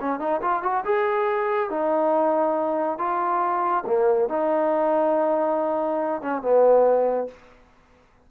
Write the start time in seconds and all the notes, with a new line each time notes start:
0.00 C#4
0.19 D#4
0.41 F4
0.62 F#4
0.84 G#4
1.69 D#4
2.98 F4
3.86 A#3
4.28 D#4
6.21 C#4
6.41 B3